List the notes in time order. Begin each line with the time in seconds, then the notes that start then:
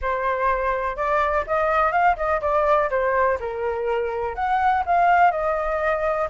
0.01 C5
0.96 D5
1.46 D#5
1.91 F5
2.16 D#5
2.41 D5
2.90 C5
3.40 A#4
4.35 F#5
4.86 F5
5.31 D#5